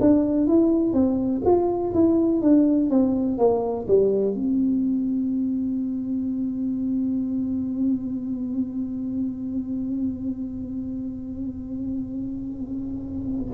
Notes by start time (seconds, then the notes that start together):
0.00 D4
0.46 E4
0.93 C4
1.45 F4
1.94 E4
2.41 D4
2.90 C4
3.38 A#3
3.87 G3
4.34 C4